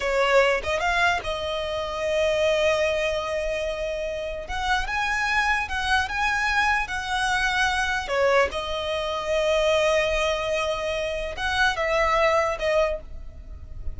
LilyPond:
\new Staff \with { instrumentName = "violin" } { \time 4/4 \tempo 4 = 148 cis''4. dis''8 f''4 dis''4~ | dis''1~ | dis''2. fis''4 | gis''2 fis''4 gis''4~ |
gis''4 fis''2. | cis''4 dis''2.~ | dis''1 | fis''4 e''2 dis''4 | }